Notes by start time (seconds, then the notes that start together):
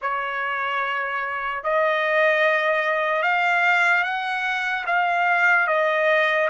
0.01 C#5
1.63 D#5
3.22 F5
4.03 F#5
4.86 F5
5.67 D#5